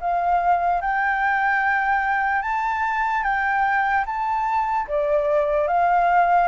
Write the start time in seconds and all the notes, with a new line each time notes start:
0.00 F5
0.81 G5
2.42 A5
3.23 G5
4.06 A5
4.88 D5
5.68 F5